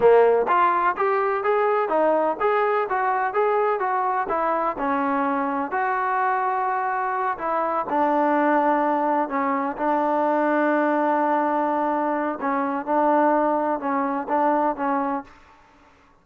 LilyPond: \new Staff \with { instrumentName = "trombone" } { \time 4/4 \tempo 4 = 126 ais4 f'4 g'4 gis'4 | dis'4 gis'4 fis'4 gis'4 | fis'4 e'4 cis'2 | fis'2.~ fis'8 e'8~ |
e'8 d'2. cis'8~ | cis'8 d'2.~ d'8~ | d'2 cis'4 d'4~ | d'4 cis'4 d'4 cis'4 | }